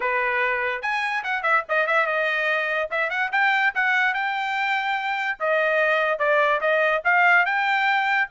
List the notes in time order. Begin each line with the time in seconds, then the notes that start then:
0.00 B4
0.82 G#5
1.23 F#5
1.42 E5
1.69 D#5
1.86 E5
2.06 D#5
2.90 E5
3.10 F#5
3.32 G5
3.74 F#5
4.14 G5
5.39 D#5
6.18 D5
6.60 D#5
7.04 F5
7.45 G5